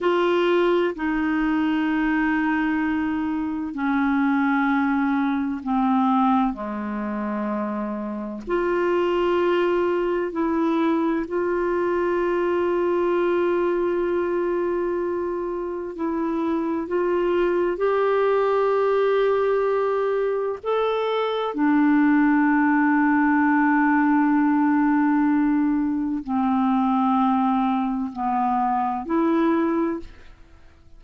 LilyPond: \new Staff \with { instrumentName = "clarinet" } { \time 4/4 \tempo 4 = 64 f'4 dis'2. | cis'2 c'4 gis4~ | gis4 f'2 e'4 | f'1~ |
f'4 e'4 f'4 g'4~ | g'2 a'4 d'4~ | d'1 | c'2 b4 e'4 | }